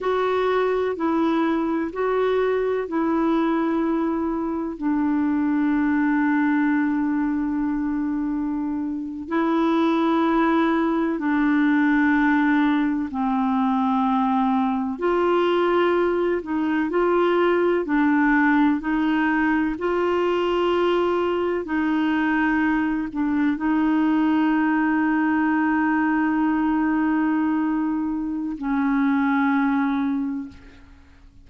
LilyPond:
\new Staff \with { instrumentName = "clarinet" } { \time 4/4 \tempo 4 = 63 fis'4 e'4 fis'4 e'4~ | e'4 d'2.~ | d'4.~ d'16 e'2 d'16~ | d'4.~ d'16 c'2 f'16~ |
f'4~ f'16 dis'8 f'4 d'4 dis'16~ | dis'8. f'2 dis'4~ dis'16~ | dis'16 d'8 dis'2.~ dis'16~ | dis'2 cis'2 | }